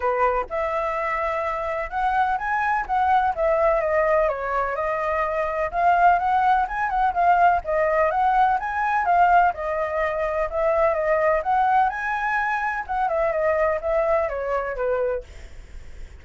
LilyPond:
\new Staff \with { instrumentName = "flute" } { \time 4/4 \tempo 4 = 126 b'4 e''2. | fis''4 gis''4 fis''4 e''4 | dis''4 cis''4 dis''2 | f''4 fis''4 gis''8 fis''8 f''4 |
dis''4 fis''4 gis''4 f''4 | dis''2 e''4 dis''4 | fis''4 gis''2 fis''8 e''8 | dis''4 e''4 cis''4 b'4 | }